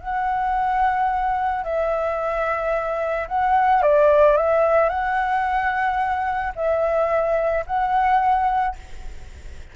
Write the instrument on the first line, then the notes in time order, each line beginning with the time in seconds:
flute
0.00 F#5
1.63 E5
3.28 F#5
3.82 D5
4.36 E5
4.89 F#5
6.55 E5
7.66 F#5